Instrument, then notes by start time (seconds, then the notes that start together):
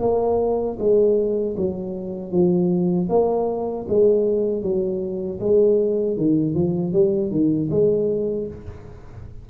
tuba
0.00 A#3
0.79 G#3
1.57 F#3
2.31 F3
3.09 A#3
3.88 G#3
4.62 F#3
5.40 G#3
6.16 D#3
6.54 F3
6.93 G3
7.30 D#3
7.70 G#3